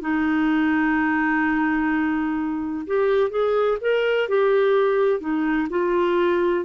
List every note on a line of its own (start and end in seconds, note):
0.00 2.86 D#4
2.86 3.30 G4
3.30 3.77 G#4
3.81 4.28 A#4
4.29 5.20 G4
5.20 5.68 D#4
5.69 6.65 F4